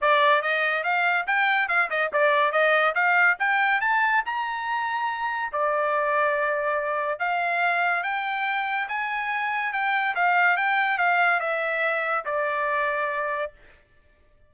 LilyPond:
\new Staff \with { instrumentName = "trumpet" } { \time 4/4 \tempo 4 = 142 d''4 dis''4 f''4 g''4 | f''8 dis''8 d''4 dis''4 f''4 | g''4 a''4 ais''2~ | ais''4 d''2.~ |
d''4 f''2 g''4~ | g''4 gis''2 g''4 | f''4 g''4 f''4 e''4~ | e''4 d''2. | }